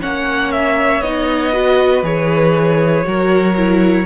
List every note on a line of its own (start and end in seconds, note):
0.00 1.01 A#3
0.00 1.02 C#4
0.00 1.51 C#5
0.00 0.51 F#5
0.51 1.01 E5
1.01 2.02 B3
1.01 1.52 D#4
1.01 2.03 D#5
1.51 2.03 F#4
1.51 3.04 B4
2.02 3.04 E3
2.02 3.04 G#4
2.02 4.06 C#5
3.04 4.06 F#3
3.04 3.55 F#4
3.04 4.06 A#4
3.56 4.06 E4